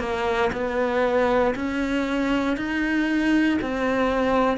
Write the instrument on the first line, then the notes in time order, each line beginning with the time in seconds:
cello
0.00 A#3
0.53 B3
1.55 C#4
2.57 D#4
3.61 C4